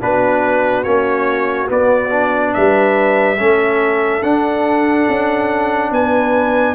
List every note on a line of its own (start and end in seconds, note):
0.00 0.85 B3
0.00 0.84 D4
0.00 2.54 F#4
0.00 0.83 B4
0.83 1.69 A#3
0.83 1.67 C#4
0.83 1.67 C#5
1.67 2.09 B3
1.67 2.54 B3
1.67 2.53 D5
2.09 3.36 D4
2.53 3.39 G3
2.53 3.38 B4
2.53 4.22 E5
3.37 4.22 A3
3.37 4.22 C#4
3.37 5.91 A4
4.22 5.07 D4
4.22 6.74 D4
4.22 5.91 F#5
5.08 5.91 C#4
5.91 6.74 B3
5.91 6.74 B4
5.91 6.74 G#5